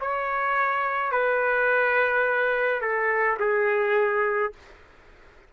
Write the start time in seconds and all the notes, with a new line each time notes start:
0.00 C#5
1.11 B4
2.81 A4
3.39 G#4